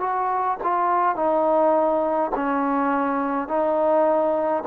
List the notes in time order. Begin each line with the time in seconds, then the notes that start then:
0.00 F#4
0.63 F4
1.15 D#4
2.35 C#4
3.48 D#4